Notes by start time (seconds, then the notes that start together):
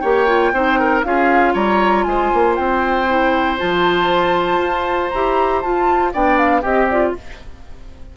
0.00 A#3 G4 C#5 G5
0.28 F4
0.53 C4 D#4 C5
0.80 A#4
1.03 C#4 F4 G#4 F5
1.54 G3 C#5 A#5
2.04 G#3 C5 G#5
2.34 A#3
2.56 C4 G5
3.08 E4
3.58 F3 F4 A5
4.59 F4
5.10 E4 G4 A#5
5.62 F4 A5
6.13 B3 D4 D5 G5
6.38 F5
6.62 C4 G4 D#5
6.90 F4 D5